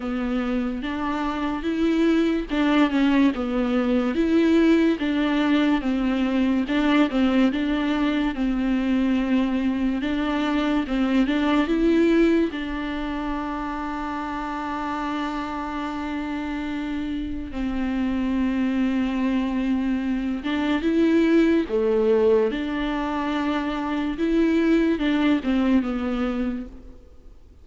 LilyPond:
\new Staff \with { instrumentName = "viola" } { \time 4/4 \tempo 4 = 72 b4 d'4 e'4 d'8 cis'8 | b4 e'4 d'4 c'4 | d'8 c'8 d'4 c'2 | d'4 c'8 d'8 e'4 d'4~ |
d'1~ | d'4 c'2.~ | c'8 d'8 e'4 a4 d'4~ | d'4 e'4 d'8 c'8 b4 | }